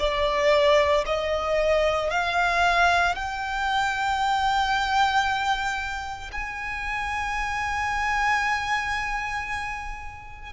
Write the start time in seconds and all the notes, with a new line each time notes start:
0.00 D5
1.07 D#5
2.11 F5
3.16 G5
6.33 G#5